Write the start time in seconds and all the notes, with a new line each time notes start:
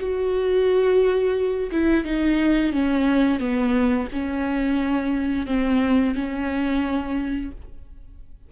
0.00 F#4
1.71 E4
2.04 D#4
2.72 C#4
3.39 B3
4.12 C#4
5.46 C4
6.15 C#4